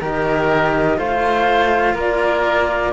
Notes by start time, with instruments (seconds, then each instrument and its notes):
0.00 cello D#3 G4, oboe A#4, flute D#5
0.97 cello A3 F4, oboe C5, flute F5
1.94 cello A#3, oboe A#4, flute D5